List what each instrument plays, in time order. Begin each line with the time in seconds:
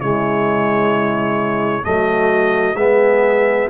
0.00 tuba C#3, trombone G#3, horn E4, trumpet C#5
1.83 tuba F#3, trombone A3, horn F#4, trumpet D#5
2.74 tuba G#3, trombone B3, horn G#4, trumpet E5